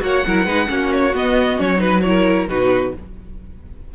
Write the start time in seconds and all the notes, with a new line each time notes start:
0.00 A#3 F#4 C#5 F#5
0.27 F#3 E4 A#4
0.45 G#3 D#4 B4
0.66 A#3 C#4 F#4
0.93 C#5
1.14 B3 D#5
1.58 F#3 C#4 C#5
1.77 D#4 B4
2.01 E4 C#5
2.08 A#4
2.48 B2 D#4 F#4 B4